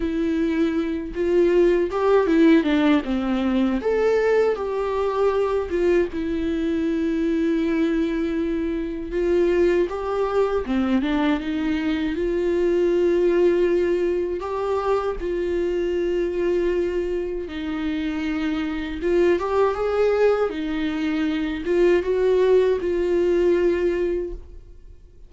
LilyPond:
\new Staff \with { instrumentName = "viola" } { \time 4/4 \tempo 4 = 79 e'4. f'4 g'8 e'8 d'8 | c'4 a'4 g'4. f'8 | e'1 | f'4 g'4 c'8 d'8 dis'4 |
f'2. g'4 | f'2. dis'4~ | dis'4 f'8 g'8 gis'4 dis'4~ | dis'8 f'8 fis'4 f'2 | }